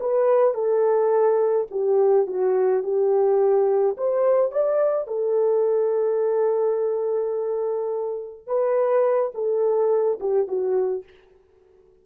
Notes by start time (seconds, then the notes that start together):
0.00 B4
0.54 A4
1.71 G4
2.27 F#4
2.83 G4
3.97 C5
4.52 D5
5.07 A4
8.47 B4
9.34 A4
10.20 G4
10.47 F#4